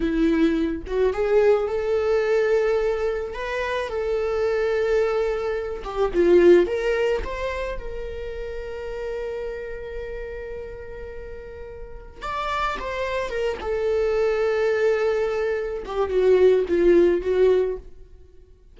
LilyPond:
\new Staff \with { instrumentName = "viola" } { \time 4/4 \tempo 4 = 108 e'4. fis'8 gis'4 a'4~ | a'2 b'4 a'4~ | a'2~ a'8 g'8 f'4 | ais'4 c''4 ais'2~ |
ais'1~ | ais'2 d''4 c''4 | ais'8 a'2.~ a'8~ | a'8 g'8 fis'4 f'4 fis'4 | }